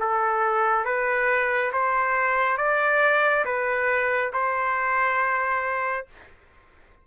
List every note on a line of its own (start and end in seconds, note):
0.00 0.85 A4
0.85 1.72 B4
1.73 2.58 C5
2.58 3.45 D5
3.45 4.32 B4
4.33 6.07 C5